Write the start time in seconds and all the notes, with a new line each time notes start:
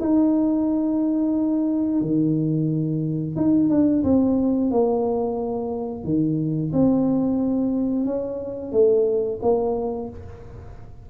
0.00 D#4
2.01 D#3
3.36 D#4
3.69 D4
4.03 C4
4.70 A#3
6.04 D#3
6.72 C4
8.05 C#4
8.72 A3
9.42 A#3